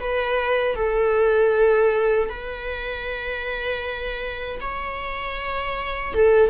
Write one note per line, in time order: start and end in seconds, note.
0.00 0.76 B4
0.76 2.29 A4
2.29 4.60 B4
4.61 6.14 C#5
6.14 6.50 A4